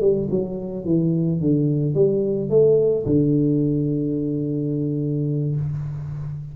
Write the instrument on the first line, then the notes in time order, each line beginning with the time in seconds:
tuba
0.00 G3
0.30 F#3
0.85 E3
1.40 D3
1.94 G3
2.49 A3
3.05 D3